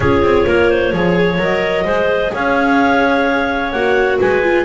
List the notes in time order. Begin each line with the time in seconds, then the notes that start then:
0.00 C#4 F4 G#4 C#5
0.22 C4
0.46 A#3 A#4
0.70 C5
0.92 F3 G#4 C#5
1.38 F#3 A#4 D#5
1.84 G#3 G#4 C5
2.33 C#4 C#5 F5
3.71 A#3 F#4 F#5
4.19 G#3 B4 G#5
4.43 F4